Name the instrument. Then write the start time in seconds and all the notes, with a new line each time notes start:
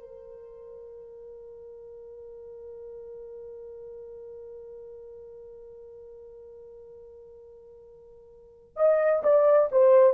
horn
0.00 A#4
8.77 D#5
9.23 D5
9.72 C5